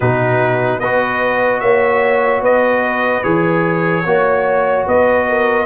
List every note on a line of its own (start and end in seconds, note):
0.00 0.80 B2
0.00 0.82 D#4
0.00 0.79 F#4
0.00 0.79 B4
0.79 1.61 B3
0.79 3.23 F#4
0.79 1.60 B4
0.79 1.60 D#5
1.60 2.41 A#3
1.60 2.42 C#5
1.60 2.41 E5
2.41 3.22 B3
2.41 4.04 B4
2.41 3.23 D#5
3.23 4.05 E3
3.23 4.04 G#4
3.23 4.85 C#5
4.05 4.86 A#3
4.05 5.65 F#4
4.05 4.86 C#5
4.86 5.65 B3
4.86 5.27 B4
4.86 5.65 D#5
5.28 5.65 A#4